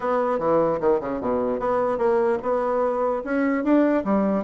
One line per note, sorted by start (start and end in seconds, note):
0.00 0.38 B3
0.38 0.79 E3
0.80 1.00 D#3
1.00 1.20 C#3
1.20 1.59 B2
1.59 1.98 B3
1.98 2.38 A#3
2.42 3.23 B3
3.24 3.64 C#4
3.64 4.04 D4
4.04 4.44 G3